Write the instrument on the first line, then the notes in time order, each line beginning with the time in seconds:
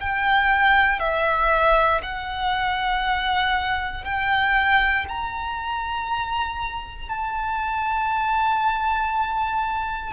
violin
0.00 G5
0.99 E5
2.02 F#5
4.04 G5
5.08 A#5
7.09 A5